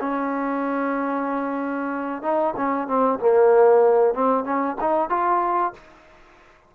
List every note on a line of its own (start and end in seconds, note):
0.00 2.22 C#4
2.22 2.54 D#4
2.56 2.87 C#4
2.87 3.19 C4
3.19 4.14 A#3
4.14 4.44 C4
4.44 4.76 C#4
4.80 5.09 D#4
5.09 5.73 F4